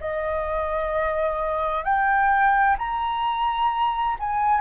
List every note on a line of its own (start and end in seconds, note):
0.00 1.84 D#5
1.84 2.77 G5
2.78 4.17 A#5
4.19 4.61 G#5